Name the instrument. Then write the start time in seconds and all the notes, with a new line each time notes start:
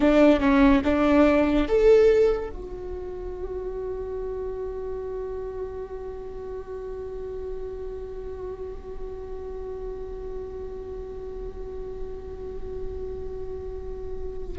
viola
0.00 D4
0.39 C#4
0.84 D4
1.67 A4
2.50 F#4